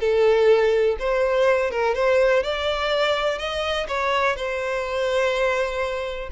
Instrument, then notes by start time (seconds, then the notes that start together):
violin
0.00 A4
0.99 C5
1.71 A#4
1.95 C5
2.43 D5
3.38 D#5
3.88 C#5
4.36 C5